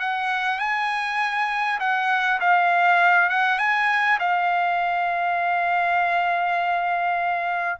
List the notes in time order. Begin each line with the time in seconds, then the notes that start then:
0.00 F#5
0.59 G#5
1.80 F#5
2.41 F5
3.30 F#5
3.59 G#5
4.20 F5